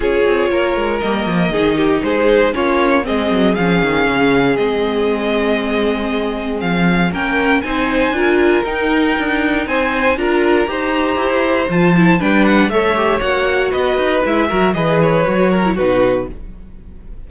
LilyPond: <<
  \new Staff \with { instrumentName = "violin" } { \time 4/4 \tempo 4 = 118 cis''2 dis''2 | c''4 cis''4 dis''4 f''4~ | f''4 dis''2.~ | dis''4 f''4 g''4 gis''4~ |
gis''4 g''2 gis''4 | ais''2. a''4 | g''8 fis''8 e''4 fis''4 dis''4 | e''4 dis''8 cis''4. b'4 | }
  \new Staff \with { instrumentName = "violin" } { \time 4/4 gis'4 ais'2 gis'8 g'8 | gis'4 f'4 gis'2~ | gis'1~ | gis'2 ais'4 c''4 |
ais'2. c''4 | ais'4 c''2. | b'4 cis''2 b'4~ | b'8 ais'8 b'4. ais'8 fis'4 | }
  \new Staff \with { instrumentName = "viola" } { \time 4/4 f'2 ais4 dis'4~ | dis'4 cis'4 c'4 cis'4~ | cis'4 c'2.~ | c'2 cis'4 dis'4 |
f'4 dis'2. | f'4 g'2 f'8 e'8 | d'4 a'8 g'8 fis'2 | e'8 fis'8 gis'4 fis'8. e'16 dis'4 | }
  \new Staff \with { instrumentName = "cello" } { \time 4/4 cis'8 c'8 ais8 gis8 g8 f8 dis4 | gis4 ais4 gis8 fis8 f8 dis8 | cis4 gis2.~ | gis4 f4 ais4 c'4 |
d'4 dis'4 d'4 c'4 | d'4 dis'4 e'4 f4 | g4 a4 ais4 b8 dis'8 | gis8 fis8 e4 fis4 b,4 | }
>>